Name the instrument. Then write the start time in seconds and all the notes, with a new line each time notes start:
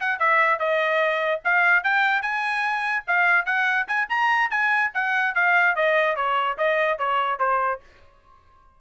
trumpet
0.00 F#5
0.19 E5
0.59 D#5
1.45 F5
1.83 G5
2.22 G#5
3.07 F5
3.46 F#5
3.87 G#5
4.09 A#5
4.50 G#5
4.94 F#5
5.35 F5
5.76 D#5
6.16 C#5
6.58 D#5
6.98 C#5
7.39 C5